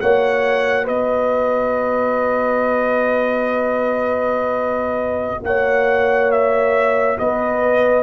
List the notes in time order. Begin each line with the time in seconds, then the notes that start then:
0.00 A#3 F#4 C#5 F#5
0.84 B3 B4 D#5
5.43 A#3 C#5 F#5
6.31 E5
7.18 B3 B4 D#5